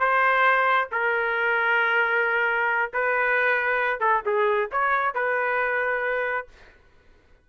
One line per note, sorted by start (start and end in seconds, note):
0.00 0.89 C5
0.92 2.92 A#4
2.94 4.00 B4
4.00 4.22 A4
4.26 4.70 G#4
4.72 5.15 C#5
5.15 6.48 B4